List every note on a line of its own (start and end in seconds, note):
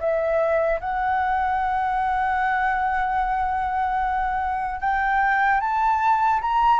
0.00 0.80 E5
0.80 4.80 F#5
4.80 5.60 G5
5.60 6.40 A5
6.41 6.80 A#5